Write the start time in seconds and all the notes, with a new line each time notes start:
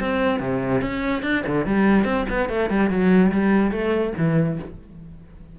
0.00 C4
0.40 C3
0.81 C#4
1.23 D4
1.47 D3
1.66 G3
2.05 C4
2.30 B3
2.49 A3
2.70 G3
2.90 F#3
3.32 G3
3.71 A3
4.17 E3